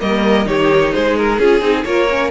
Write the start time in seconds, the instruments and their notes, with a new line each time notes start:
0.00 cello G3, viola A#3, violin A#4 D#5
0.46 cello D#3, viola D#4, violin G4 C#5
0.94 cello G#3, violin G#4 C5
1.18 violin A#4
1.39 cello C#4, viola F4, violin G#4
1.62 cello C4, viola D#4
1.85 cello A#3, viola F4, violin A#4 C#5
2.11 viola C#4